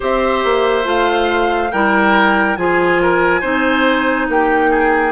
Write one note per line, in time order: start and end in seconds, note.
0.00 0.44 C4
0.00 0.83 G4
0.00 1.71 C5
0.00 0.88 E5
0.44 0.85 A#3
0.83 1.71 A3
0.83 1.69 F4
0.83 1.71 F5
1.71 2.57 G3
1.71 2.57 E4
1.71 2.57 A#4
1.71 2.56 G5
2.56 3.42 F3
2.56 3.42 F4
2.56 3.01 G#4
2.56 4.27 G#5
3.02 3.41 A#4
3.41 4.28 C4
3.41 5.11 D#4
3.41 4.26 C5
4.28 5.11 A#3
4.28 4.70 G4
4.28 5.11 G5
4.70 5.11 G#4